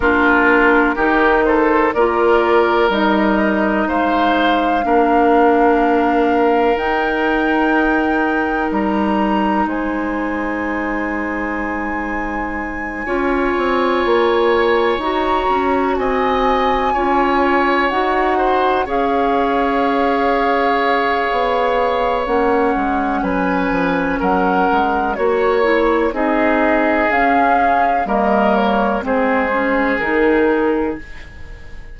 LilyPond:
<<
  \new Staff \with { instrumentName = "flute" } { \time 4/4 \tempo 4 = 62 ais'4. c''8 d''4 dis''4 | f''2. g''4~ | g''4 ais''4 gis''2~ | gis''2.~ gis''8 ais''8~ |
ais''8 gis''2 fis''4 f''8~ | f''2. fis''4 | gis''4 fis''4 cis''4 dis''4 | f''4 dis''8 cis''8 c''4 ais'4 | }
  \new Staff \with { instrumentName = "oboe" } { \time 4/4 f'4 g'8 a'8 ais'2 | c''4 ais'2.~ | ais'2 c''2~ | c''4. cis''2~ cis''8~ |
cis''8 dis''4 cis''4. c''8 cis''8~ | cis''1 | b'4 ais'4 cis''4 gis'4~ | gis'4 ais'4 gis'2 | }
  \new Staff \with { instrumentName = "clarinet" } { \time 4/4 d'4 dis'4 f'4 dis'4~ | dis'4 d'2 dis'4~ | dis'1~ | dis'4. f'2 fis'8~ |
fis'4. f'4 fis'4 gis'8~ | gis'2. cis'4~ | cis'2 fis'8 e'8 dis'4 | cis'4 ais4 c'8 cis'8 dis'4 | }
  \new Staff \with { instrumentName = "bassoon" } { \time 4/4 ais4 dis4 ais4 g4 | gis4 ais2 dis'4~ | dis'4 g4 gis2~ | gis4. cis'8 c'8 ais4 dis'8 |
cis'8 c'4 cis'4 dis'4 cis'8~ | cis'2 b4 ais8 gis8 | fis8 f8 fis8 gis8 ais4 c'4 | cis'4 g4 gis4 dis4 | }
>>